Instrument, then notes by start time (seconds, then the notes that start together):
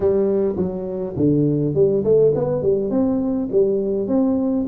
tuba
0.00 G3
0.56 F#3
1.16 D3
1.74 G3
2.04 A3
2.35 B3
2.62 G3
2.90 C4
3.51 G3
4.07 C4